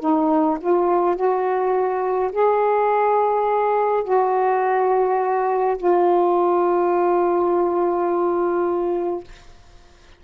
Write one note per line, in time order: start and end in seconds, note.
0.00 0.58 D#4
0.60 1.16 F4
1.16 2.31 F#4
2.32 4.04 G#4
4.04 5.77 F#4
5.77 9.24 F4